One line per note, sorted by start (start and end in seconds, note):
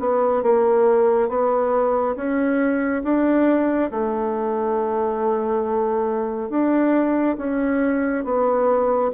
0.00 0.43 B3
0.43 1.29 A#3
1.29 2.16 B3
2.16 3.03 C#4
3.04 3.91 D4
3.91 6.50 A3
6.50 7.37 D4
7.38 8.25 C#4
8.25 9.12 B3